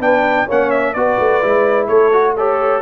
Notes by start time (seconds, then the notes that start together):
0.00 B3 D4 B4 G5
0.47 A#3 C#4 C#5 F#5
0.71 E5
0.94 B3 F#4 B4 D5
1.19 A3
1.43 G#3 E4
1.88 A3 A4 C#5
2.13 F#4
2.37 G4 A4 C#5